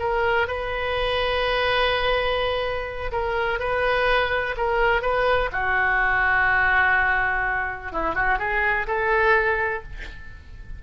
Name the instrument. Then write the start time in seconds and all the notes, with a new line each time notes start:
oboe
0.00 A#4
0.48 B4
3.12 A#4
3.60 B4
4.58 A#4
5.02 B4
5.53 F#4
7.92 E4
8.16 F#4
8.39 G#4
8.87 A4